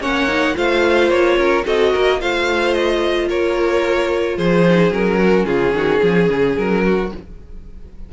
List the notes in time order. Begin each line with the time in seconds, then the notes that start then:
0.00 A#3 C#4 C#5 F#5
0.28 D#4
0.54 A3 F4 C5 F5
1.09 A#3 C#5
1.37 C#4 A#4
1.65 C4 F#4 A4 D#5
1.92 A#3 A#4
2.20 A3 F4 C5 F5
2.74 D#5
3.29 A#3 A#4 C#5
4.37 F3 G#4 C5
4.69 D#4
4.90 F#3 C#4 A#4
5.18 F#4
5.46 C#3 F4 G#4
5.73 D#3 F#4
6.01 F3 G#4
6.29 C#3
6.57 F#3 A#4
6.85 F#4